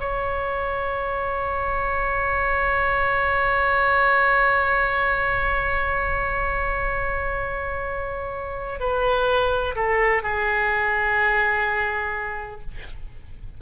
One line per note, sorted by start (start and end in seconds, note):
0.00 8.80 C#5
8.80 9.75 B4
9.75 10.23 A4
10.23 12.61 G#4